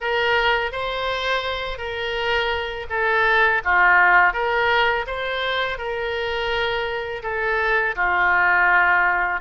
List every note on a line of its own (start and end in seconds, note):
0.00 0.72 A#4
0.72 1.78 C5
1.78 2.86 A#4
2.89 3.61 A4
3.64 4.33 F4
4.33 5.05 A#4
5.06 5.77 C5
5.77 7.22 A#4
7.23 7.95 A4
7.95 9.40 F4